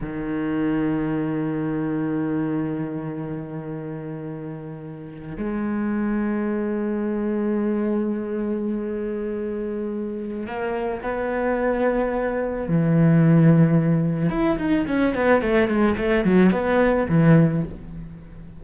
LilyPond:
\new Staff \with { instrumentName = "cello" } { \time 4/4 \tempo 4 = 109 dis1~ | dis1~ | dis4.~ dis16 gis2~ gis16~ | gis1~ |
gis2. ais4 | b2. e4~ | e2 e'8 dis'8 cis'8 b8 | a8 gis8 a8 fis8 b4 e4 | }